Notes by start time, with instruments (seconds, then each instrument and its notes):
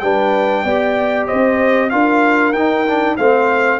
0.00 tuba G3, trombone D4, horn B4, trumpet G5
0.64 tuba B3, trombone G4, horn D5
1.27 tuba C4, horn C5, trumpet D#5
1.90 tuba D4, trombone F4, horn A#4, trumpet F5
2.53 tuba D#4, trombone D#4, trumpet G5
2.87 trombone D4
3.17 tuba A3, trombone C4, horn C5, trumpet F5